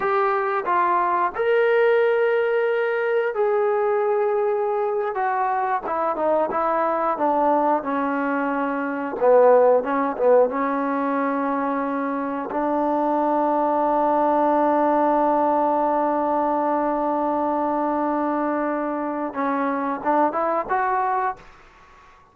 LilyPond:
\new Staff \with { instrumentName = "trombone" } { \time 4/4 \tempo 4 = 90 g'4 f'4 ais'2~ | ais'4 gis'2~ gis'8. fis'16~ | fis'8. e'8 dis'8 e'4 d'4 cis'16~ | cis'4.~ cis'16 b4 cis'8 b8 cis'16~ |
cis'2~ cis'8. d'4~ d'16~ | d'1~ | d'1~ | d'4 cis'4 d'8 e'8 fis'4 | }